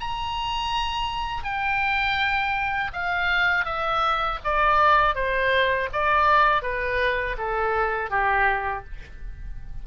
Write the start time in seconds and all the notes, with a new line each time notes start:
0.00 A#5
1.43 G5
2.93 F5
3.65 E5
4.44 D5
5.15 C5
5.92 D5
6.62 B4
7.37 A4
8.10 G4